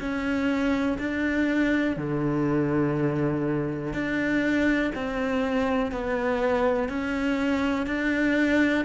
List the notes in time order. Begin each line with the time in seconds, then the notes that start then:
0.00 C#4
0.99 D4
1.97 D3
3.93 D4
4.95 C4
5.92 B3
6.89 C#4
7.87 D4